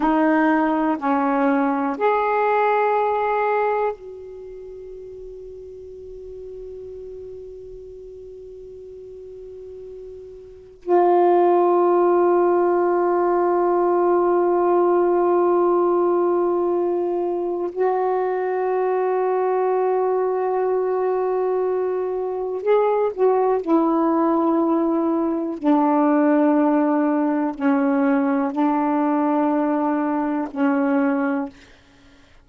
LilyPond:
\new Staff \with { instrumentName = "saxophone" } { \time 4/4 \tempo 4 = 61 dis'4 cis'4 gis'2 | fis'1~ | fis'2. f'4~ | f'1~ |
f'2 fis'2~ | fis'2. gis'8 fis'8 | e'2 d'2 | cis'4 d'2 cis'4 | }